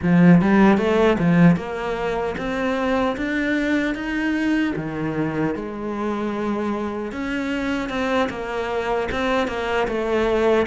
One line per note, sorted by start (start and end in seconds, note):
0.02 0.41 F3
0.41 0.77 G3
0.77 1.17 A3
1.18 1.56 F3
1.56 2.35 A#3
2.37 3.16 C4
3.16 3.95 D4
3.95 4.74 D#4
4.76 5.55 D#3
5.55 7.12 G#3
7.12 7.89 C#4
7.89 8.29 C4
8.29 9.08 A#3
9.11 9.47 C4
9.47 9.87 A#3
9.87 10.66 A3